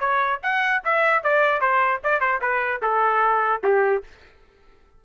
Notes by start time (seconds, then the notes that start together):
0.00 C#5
0.43 F#5
0.85 E5
1.24 D5
1.61 C5
2.04 D5
2.21 C5
2.42 B4
2.83 A4
3.64 G4